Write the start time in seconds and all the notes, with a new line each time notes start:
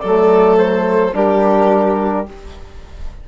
0.00 F#3 A3 A4 D5
0.58 C5
1.13 G3 D4 G4 A#4